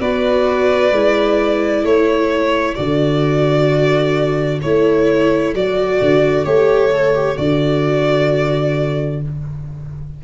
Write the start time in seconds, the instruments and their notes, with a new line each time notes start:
0.00 tuba B3, viola F#4, violin B4 D5
0.92 tuba G#3, viola E4
1.83 tuba A3, violin A4 C#5
2.75 tuba D3, viola F#4, violin D5
4.62 tuba A3, viola E4, violin C#5
5.54 tuba F#3, viola F#4, violin D5
6.01 tuba D3
6.45 tuba A3, viola G4, violin C#5
6.92 viola A4
7.15 viola G4
7.36 tuba D3, viola F#4, violin D5